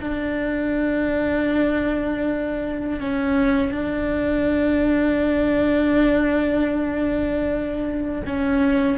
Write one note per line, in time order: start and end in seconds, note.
0.00 2.99 D4
2.99 3.72 C#4
3.72 8.22 D4
8.26 8.98 C#4